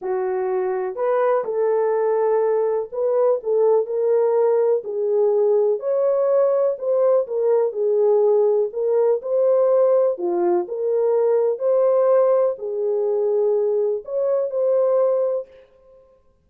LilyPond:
\new Staff \with { instrumentName = "horn" } { \time 4/4 \tempo 4 = 124 fis'2 b'4 a'4~ | a'2 b'4 a'4 | ais'2 gis'2 | cis''2 c''4 ais'4 |
gis'2 ais'4 c''4~ | c''4 f'4 ais'2 | c''2 gis'2~ | gis'4 cis''4 c''2 | }